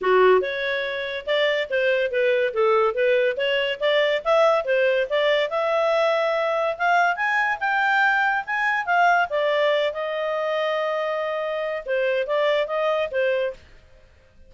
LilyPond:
\new Staff \with { instrumentName = "clarinet" } { \time 4/4 \tempo 4 = 142 fis'4 cis''2 d''4 | c''4 b'4 a'4 b'4 | cis''4 d''4 e''4 c''4 | d''4 e''2. |
f''4 gis''4 g''2 | gis''4 f''4 d''4. dis''8~ | dis''1 | c''4 d''4 dis''4 c''4 | }